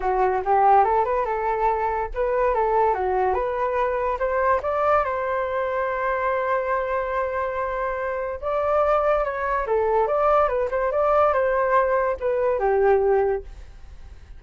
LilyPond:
\new Staff \with { instrumentName = "flute" } { \time 4/4 \tempo 4 = 143 fis'4 g'4 a'8 b'8 a'4~ | a'4 b'4 a'4 fis'4 | b'2 c''4 d''4 | c''1~ |
c''1 | d''2 cis''4 a'4 | d''4 b'8 c''8 d''4 c''4~ | c''4 b'4 g'2 | }